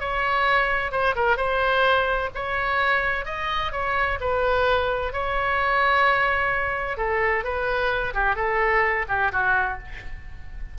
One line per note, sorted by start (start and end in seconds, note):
0.00 0.92 C#5
0.92 1.15 C5
1.16 1.37 A#4
1.37 2.30 C5
2.35 3.26 C#5
3.26 3.72 D#5
3.72 4.19 C#5
4.21 5.13 B4
5.13 6.97 C#5
6.97 7.44 A4
7.44 8.14 B4
8.14 8.36 G4
8.36 9.06 A4
9.09 9.32 G4
9.32 9.78 F#4